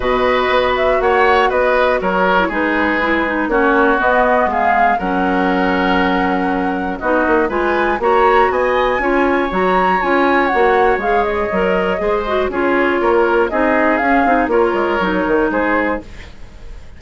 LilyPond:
<<
  \new Staff \with { instrumentName = "flute" } { \time 4/4 \tempo 4 = 120 dis''4. e''8 fis''4 dis''4 | cis''4 b'2 cis''4 | dis''4 f''4 fis''2~ | fis''2 dis''4 gis''4 |
ais''4 gis''2 ais''4 | gis''4 fis''4 f''8 dis''4.~ | dis''4 cis''2 dis''4 | f''4 cis''2 c''4 | }
  \new Staff \with { instrumentName = "oboe" } { \time 4/4 b'2 cis''4 b'4 | ais'4 gis'2 fis'4~ | fis'4 gis'4 ais'2~ | ais'2 fis'4 b'4 |
cis''4 dis''4 cis''2~ | cis''1 | c''4 gis'4 ais'4 gis'4~ | gis'4 ais'2 gis'4 | }
  \new Staff \with { instrumentName = "clarinet" } { \time 4/4 fis'1~ | fis'8. e'16 dis'4 e'8 dis'8 cis'4 | b2 cis'2~ | cis'2 dis'4 f'4 |
fis'2 f'4 fis'4 | f'4 fis'4 gis'4 ais'4 | gis'8 fis'8 f'2 dis'4 | cis'8 dis'8 f'4 dis'2 | }
  \new Staff \with { instrumentName = "bassoon" } { \time 4/4 b,4 b4 ais4 b4 | fis4 gis2 ais4 | b4 gis4 fis2~ | fis2 b8 ais8 gis4 |
ais4 b4 cis'4 fis4 | cis'4 ais4 gis4 fis4 | gis4 cis'4 ais4 c'4 | cis'8 c'8 ais8 gis8 fis8 dis8 gis4 | }
>>